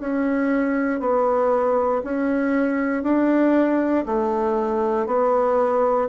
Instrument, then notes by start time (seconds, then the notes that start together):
bassoon
0.00 C#4
1.00 B3
2.04 C#4
3.03 D4
4.06 A3
5.07 B3